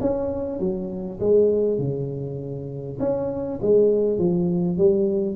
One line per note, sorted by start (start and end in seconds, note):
0.00 0.59 C#4
0.59 1.19 F#3
1.20 1.78 G#3
1.78 2.98 C#3
2.99 3.59 C#4
3.62 4.18 G#3
4.18 4.78 F3
4.78 5.36 G3